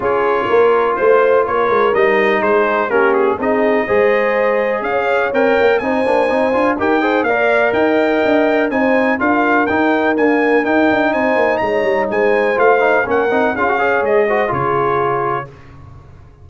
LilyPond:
<<
  \new Staff \with { instrumentName = "trumpet" } { \time 4/4 \tempo 4 = 124 cis''2 c''4 cis''4 | dis''4 c''4 ais'8 gis'8 dis''4~ | dis''2 f''4 g''4 | gis''2 g''4 f''4 |
g''2 gis''4 f''4 | g''4 gis''4 g''4 gis''4 | ais''4 gis''4 f''4 fis''4 | f''4 dis''4 cis''2 | }
  \new Staff \with { instrumentName = "horn" } { \time 4/4 gis'4 ais'4 c''4 ais'4~ | ais'4 gis'4 g'4 gis'4 | c''2 cis''2 | c''2 ais'8 c''8 d''4 |
dis''2 c''4 ais'4~ | ais'2. c''4 | cis''4 c''2 ais'4 | gis'8 cis''4 c''8 gis'2 | }
  \new Staff \with { instrumentName = "trombone" } { \time 4/4 f'1 | dis'2 cis'4 dis'4 | gis'2. ais'4 | dis'8 d'8 dis'8 f'8 g'8 gis'8 ais'4~ |
ais'2 dis'4 f'4 | dis'4 ais4 dis'2~ | dis'2 f'8 dis'8 cis'8 dis'8 | f'16 fis'16 gis'4 fis'8 f'2 | }
  \new Staff \with { instrumentName = "tuba" } { \time 4/4 cis'4 ais4 a4 ais8 gis8 | g4 gis4 ais4 c'4 | gis2 cis'4 c'8 ais8 | c'8 ais8 c'8 d'8 dis'4 ais4 |
dis'4 d'4 c'4 d'4 | dis'4 d'4 dis'8 d'8 c'8 ais8 | gis8 g8 gis4 a4 ais8 c'8 | cis'4 gis4 cis2 | }
>>